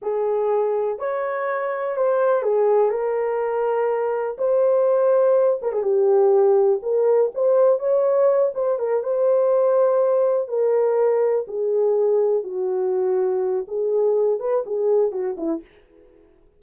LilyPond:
\new Staff \with { instrumentName = "horn" } { \time 4/4 \tempo 4 = 123 gis'2 cis''2 | c''4 gis'4 ais'2~ | ais'4 c''2~ c''8 ais'16 gis'16 | g'2 ais'4 c''4 |
cis''4. c''8 ais'8 c''4.~ | c''4. ais'2 gis'8~ | gis'4. fis'2~ fis'8 | gis'4. b'8 gis'4 fis'8 e'8 | }